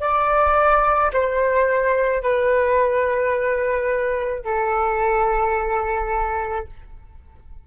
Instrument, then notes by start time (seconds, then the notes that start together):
flute
0.00 D5
1.13 C5
2.22 B4
4.44 A4